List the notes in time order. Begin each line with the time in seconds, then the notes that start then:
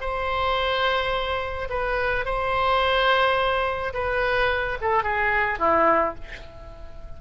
0.00 C5
1.69 B4
2.25 C5
3.93 B4
4.81 A4
5.03 G#4
5.58 E4